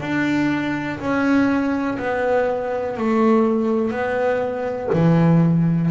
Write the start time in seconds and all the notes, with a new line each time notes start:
0.00 D4
0.99 C#4
1.98 B3
2.97 A3
3.91 B3
4.93 E3